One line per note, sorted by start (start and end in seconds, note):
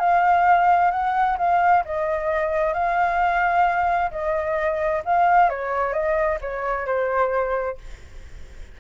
0.00 0.92 F5
0.92 1.37 F#5
1.38 1.84 F5
1.85 2.74 D#5
2.74 4.11 F5
4.11 5.03 D#5
5.06 5.50 F5
5.50 5.93 C#5
5.93 6.39 D#5
6.41 6.87 C#5
6.87 7.78 C5